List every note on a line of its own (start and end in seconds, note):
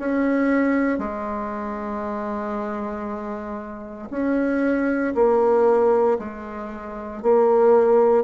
0.00 0.99 C#4
0.99 4.09 G#3
4.11 5.14 C#4
5.15 6.19 A#3
6.19 7.23 G#3
7.23 8.24 A#3